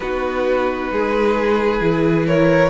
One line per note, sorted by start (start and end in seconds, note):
0.00 0.90 B3
0.00 1.81 D#4
0.00 0.92 F#4
0.00 2.26 B4
0.91 1.80 G#3
0.91 2.27 G#4
1.80 2.69 E3
1.80 2.69 E4
2.27 2.69 A#4
2.27 2.69 C#5